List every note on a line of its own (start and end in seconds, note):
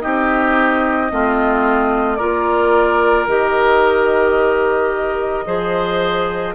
0.00 1.11 C4
0.00 1.09 D#4
0.00 1.12 G4
0.00 2.16 D#5
1.09 2.20 A3
1.09 2.18 C4
1.09 2.17 F4
2.16 3.27 A#3
2.16 3.28 F4
2.16 5.45 A#4
2.16 3.25 D5
3.27 5.45 D#3
3.27 5.45 G4
3.27 6.54 D#5
5.45 6.54 F3
5.45 6.54 G#4
5.45 6.54 C5